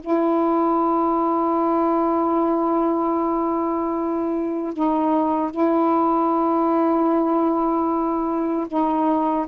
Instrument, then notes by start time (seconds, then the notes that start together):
saxophone
0.00 E4
4.73 D#4
5.51 E4
8.67 D#4